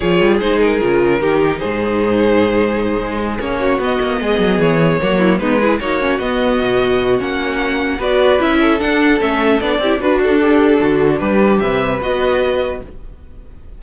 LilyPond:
<<
  \new Staff \with { instrumentName = "violin" } { \time 4/4 \tempo 4 = 150 cis''4 c''8 ais'2~ ais'8 | c''1~ | c''8 cis''4 dis''2 cis''8~ | cis''4. b'4 cis''4 dis''8~ |
dis''2 fis''2 | d''4 e''4 fis''4 e''4 | d''4 b'8 a'2~ a'8 | b'4 e''4 dis''2 | }
  \new Staff \with { instrumentName = "violin" } { \time 4/4 gis'2. g'4 | gis'1~ | gis'4 fis'4. gis'4.~ | gis'8 fis'8 e'8 dis'8 gis'8 fis'4.~ |
fis'1 | b'4. a'2~ a'8~ | a'8 g'8 d'2.~ | d'4 b'2. | }
  \new Staff \with { instrumentName = "viola" } { \time 4/4 f'4 dis'4 f'4 dis'4~ | dis'1~ | dis'8 cis'4 b2~ b8~ | b8 ais4 b8 e'8 dis'8 cis'8 b8~ |
b2 cis'2 | fis'4 e'4 d'4 cis'4 | d'8 e'8 fis'4 g'4 fis'4 | g'2 fis'2 | }
  \new Staff \with { instrumentName = "cello" } { \time 4/4 f8 g8 gis4 cis4 dis4 | gis,2.~ gis,8 gis8~ | gis8 ais4 b8 ais8 gis8 fis8 e8~ | e8 fis4 gis4 ais4 b8~ |
b8 b,4. ais2 | b4 cis'4 d'4 a4 | b8 c'8 d'2 d4 | g4 c4 b2 | }
>>